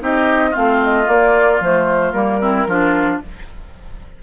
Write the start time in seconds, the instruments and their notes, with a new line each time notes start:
0.00 bassoon C4, clarinet D#4, oboe G4, flute D#5
0.50 bassoon A3, clarinet C4, oboe F4, flute F5
0.83 flute D#5
1.04 clarinet A#3, bassoon A#3, flute D5
1.60 bassoon F3, clarinet A3, flute C5
2.12 bassoon G3, clarinet A#3, flute A#4
2.40 clarinet C4, oboe E4
2.67 bassoon F3, clarinet D4, oboe F4